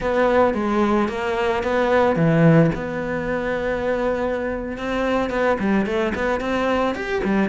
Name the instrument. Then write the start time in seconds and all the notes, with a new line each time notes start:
cello
0.00 B3
0.54 G#3
1.08 A#3
1.63 B3
2.16 E3
2.74 B3
4.77 C4
5.30 B3
5.59 G3
5.86 A3
6.14 B3
6.40 C4
6.95 G4
7.23 G3